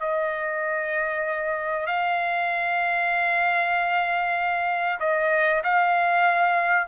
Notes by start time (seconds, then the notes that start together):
0.00 D#5
1.87 F5
5.00 D#5
5.64 F5